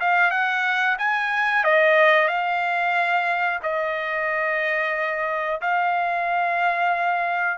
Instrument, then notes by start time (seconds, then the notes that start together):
trumpet
0.00 F5
0.31 F#5
0.99 G#5
1.65 D#5
2.28 F5
3.63 D#5
5.62 F5